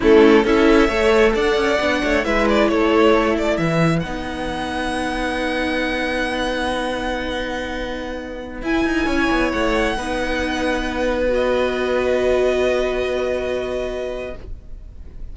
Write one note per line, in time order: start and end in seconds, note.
0.00 0.44 A3
0.00 0.45 C#4
0.00 0.43 E4
0.00 0.45 A4
0.43 0.88 C#4
0.43 0.88 E4
0.43 0.87 A4
0.43 1.35 E5
0.87 1.33 A3
0.87 1.78 A4
0.87 1.32 C#5
1.34 1.56 D4
1.34 2.01 D5
1.34 2.24 F#5
1.56 1.78 C#4
1.80 2.02 B3
1.80 2.24 D4
2.03 2.26 A3
2.03 2.25 C#5
2.24 2.70 G#3
2.24 4.03 E4
2.24 2.70 B4
2.24 2.47 E5
2.48 2.68 D5
2.68 3.58 A3
2.68 3.59 A4
2.68 3.35 C#5
3.37 3.57 D5
3.57 4.03 E3
3.57 9.06 B4
3.57 3.99 E5
3.99 8.62 B3
3.99 8.63 D#4
3.99 8.58 F#5
8.62 8.84 E4
8.62 9.96 E4
8.62 9.51 G#5
8.84 9.06 D#4
9.06 9.29 C#4
9.06 9.95 C#5
9.30 9.52 B3
9.51 9.97 A3
9.51 11.30 F#5
9.96 14.33 B3
9.96 11.28 D#4
9.96 14.34 B4
11.28 14.30 F#4
11.34 14.36 D#5